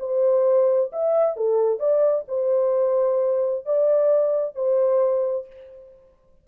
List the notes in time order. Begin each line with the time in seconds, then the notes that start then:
0.00 C5
0.93 E5
1.37 A4
1.80 D5
2.28 C5
3.66 D5
4.56 C5